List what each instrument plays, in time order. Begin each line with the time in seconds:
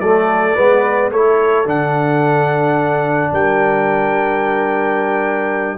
0.00 tuba F#3, trombone A3, horn A4, trumpet D5
0.55 tuba G#3, trombone B3, horn B4
1.11 tuba A3, trombone E4, horn A4, trumpet C#5
1.65 tuba D3, trombone D4, trumpet F#5
3.32 tuba G3, horn A#4, trumpet G5